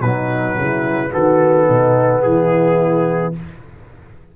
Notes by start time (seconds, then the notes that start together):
0.00 B2 F#3 D#4 B4
0.57 C#3 E4
1.10 D#3 B3 F#4 A4
1.66 B2 D#4
2.22 E3 E4 G#4